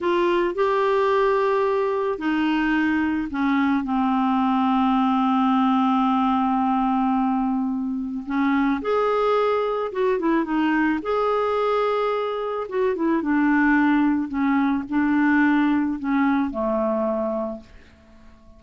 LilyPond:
\new Staff \with { instrumentName = "clarinet" } { \time 4/4 \tempo 4 = 109 f'4 g'2. | dis'2 cis'4 c'4~ | c'1~ | c'2. cis'4 |
gis'2 fis'8 e'8 dis'4 | gis'2. fis'8 e'8 | d'2 cis'4 d'4~ | d'4 cis'4 a2 | }